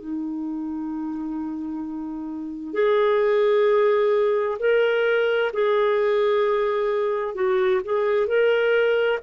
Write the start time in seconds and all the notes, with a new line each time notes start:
0.00 D#4
2.73 G#4
4.59 A#4
5.53 G#4
7.35 F#4
7.84 G#4
8.27 A#4